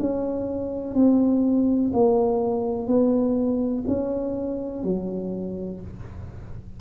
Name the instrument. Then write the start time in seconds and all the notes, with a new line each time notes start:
tuba
0.00 C#4
0.95 C4
1.94 A#3
2.87 B3
3.88 C#4
4.84 F#3